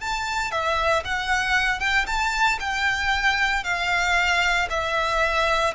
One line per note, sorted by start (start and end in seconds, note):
0.00 0.51 A5
0.51 1.04 E5
1.05 1.80 F#5
1.80 2.06 G5
2.07 2.59 A5
2.60 3.64 G5
3.64 4.68 F5
4.70 5.74 E5